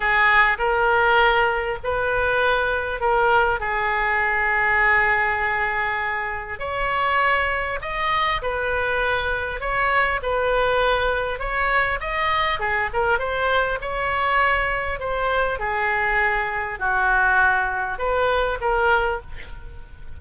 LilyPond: \new Staff \with { instrumentName = "oboe" } { \time 4/4 \tempo 4 = 100 gis'4 ais'2 b'4~ | b'4 ais'4 gis'2~ | gis'2. cis''4~ | cis''4 dis''4 b'2 |
cis''4 b'2 cis''4 | dis''4 gis'8 ais'8 c''4 cis''4~ | cis''4 c''4 gis'2 | fis'2 b'4 ais'4 | }